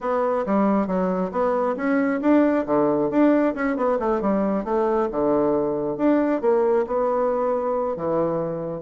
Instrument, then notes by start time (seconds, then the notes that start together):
bassoon
0.01 B3
0.46 G3
0.87 F#3
1.31 B3
1.76 C#4
2.21 D4
2.66 D3
3.10 D4
3.54 C#4
3.76 B3
3.99 A3
4.21 G3
4.64 A3
5.11 D3
5.97 D4
6.41 A#3
6.87 B3
7.96 E3